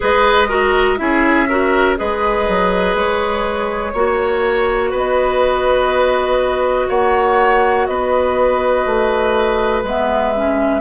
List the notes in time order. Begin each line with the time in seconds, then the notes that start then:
0.00 G#3 G#4 B4 D#5
0.48 F#4 A#4
0.97 C#4 E4 G#4 E5
1.48 F#4 A#4
1.96 G#3 G#4 B4 D#5
2.48 F#3
2.94 G#3 C#5
3.92 A#3 F#4 C#5
4.90 B3 B4 D#5
6.88 A#3 C#5 F#5
7.86 B3 B4 D#5
8.85 A3
9.83 G#3 B3 E5
10.35 C#4